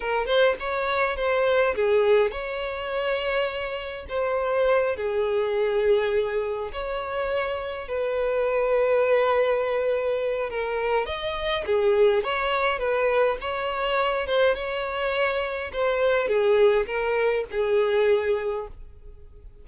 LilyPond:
\new Staff \with { instrumentName = "violin" } { \time 4/4 \tempo 4 = 103 ais'8 c''8 cis''4 c''4 gis'4 | cis''2. c''4~ | c''8 gis'2. cis''8~ | cis''4. b'2~ b'8~ |
b'2 ais'4 dis''4 | gis'4 cis''4 b'4 cis''4~ | cis''8 c''8 cis''2 c''4 | gis'4 ais'4 gis'2 | }